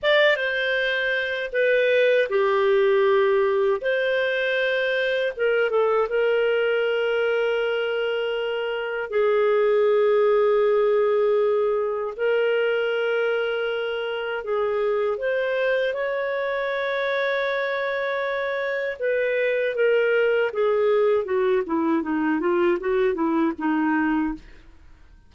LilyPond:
\new Staff \with { instrumentName = "clarinet" } { \time 4/4 \tempo 4 = 79 d''8 c''4. b'4 g'4~ | g'4 c''2 ais'8 a'8 | ais'1 | gis'1 |
ais'2. gis'4 | c''4 cis''2.~ | cis''4 b'4 ais'4 gis'4 | fis'8 e'8 dis'8 f'8 fis'8 e'8 dis'4 | }